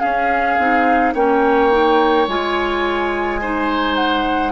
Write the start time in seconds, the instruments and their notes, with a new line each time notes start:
0.00 clarinet C#4, bassoon C#4, oboe G#4, flute F5
0.59 bassoon C4, clarinet D#4
1.14 bassoon A#3, clarinet C#4, oboe C#5, flute G5
1.71 clarinet D#4
2.28 bassoon G#3, clarinet F4, flute G#5
3.41 clarinet D#4, oboe C5
3.96 flute F#5